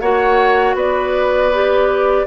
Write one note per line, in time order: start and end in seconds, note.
0.00 0.75 A#3
0.00 1.52 F#4
0.00 0.76 C#5
0.00 0.75 F#5
0.75 2.25 B3
0.75 2.26 B4
0.75 2.27 D5
1.53 2.27 G4